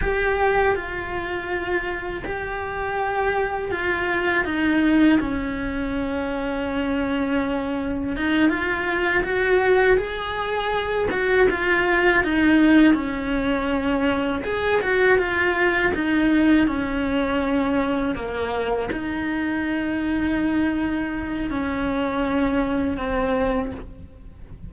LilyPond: \new Staff \with { instrumentName = "cello" } { \time 4/4 \tempo 4 = 81 g'4 f'2 g'4~ | g'4 f'4 dis'4 cis'4~ | cis'2. dis'8 f'8~ | f'8 fis'4 gis'4. fis'8 f'8~ |
f'8 dis'4 cis'2 gis'8 | fis'8 f'4 dis'4 cis'4.~ | cis'8 ais4 dis'2~ dis'8~ | dis'4 cis'2 c'4 | }